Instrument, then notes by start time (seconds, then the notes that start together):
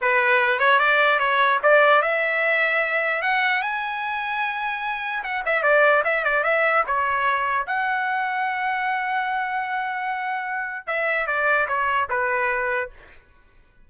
trumpet
0.01 B4
0.59 C#5
0.79 D5
1.19 C#5
1.62 D5
2.02 E5
3.22 F#5
3.62 G#5
5.23 F#5
5.45 E5
5.62 D5
6.04 E5
6.24 D5
6.43 E5
6.86 C#5
7.66 F#5
10.86 E5
11.26 D5
11.68 C#5
12.09 B4